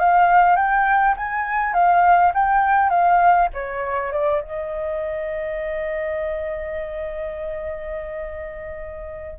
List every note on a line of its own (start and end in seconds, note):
0.00 0.56 F5
0.56 1.15 G5
1.17 1.74 G#5
1.74 2.33 F5
2.35 2.90 G5
2.90 3.49 F5
3.54 4.12 C#5
4.12 4.42 D5
4.42 9.40 D#5